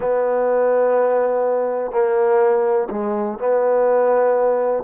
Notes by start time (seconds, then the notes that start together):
0.00 B3
1.91 A#3
2.90 G#3
3.38 B3